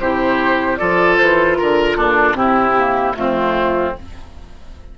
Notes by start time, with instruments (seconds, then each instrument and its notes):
0.00 bassoon C3, clarinet E4, oboe G4, flute C5
0.77 bassoon F3, clarinet F4, oboe A4, flute D5
1.18 bassoon E3, flute C5
1.57 bassoon D3, flute A#4, oboe A#4
1.96 bassoon A#2, oboe D4, flute A4
2.34 bassoon C3, clarinet C4, oboe E4, flute G4
2.78 clarinet A#3
3.15 bassoon F2, clarinet A3, oboe C4, flute F4